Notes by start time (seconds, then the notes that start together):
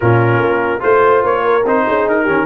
0.00 A#2 C#4 F4 A#4
0.39 A#3
0.79 A3 F4 C5
1.23 A#3 C#5
1.44 A#4
1.64 C4 D#4 C5
1.88 C#4 G#4
2.06 D#4 A#4
2.23 D#3 C#4 G4